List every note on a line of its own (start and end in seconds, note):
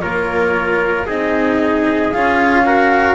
0.00 1.07 A#3
0.00 1.07 F4
0.00 1.06 A#4
0.00 1.05 C#5
1.06 2.12 C4
1.06 2.12 D#4
1.06 2.64 G#4
1.06 2.12 D#5
2.12 3.14 C#4
2.12 2.65 F4
2.12 3.14 F5
2.65 3.14 F#4
2.65 3.14 A#4